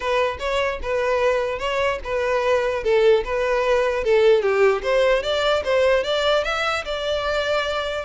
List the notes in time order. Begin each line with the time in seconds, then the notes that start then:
0.00 B4
0.39 C#5
0.82 B4
1.59 C#5
2.04 B4
2.83 A4
3.24 B4
4.04 A4
4.41 G4
4.82 C5
5.22 D5
5.64 C5
6.03 D5
6.44 E5
6.84 D5